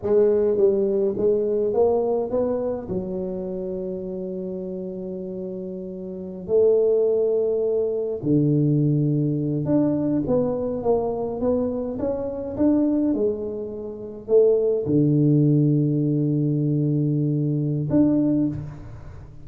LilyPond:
\new Staff \with { instrumentName = "tuba" } { \time 4/4 \tempo 4 = 104 gis4 g4 gis4 ais4 | b4 fis2.~ | fis2.~ fis16 a8.~ | a2~ a16 d4.~ d16~ |
d8. d'4 b4 ais4 b16~ | b8. cis'4 d'4 gis4~ gis16~ | gis8. a4 d2~ d16~ | d2. d'4 | }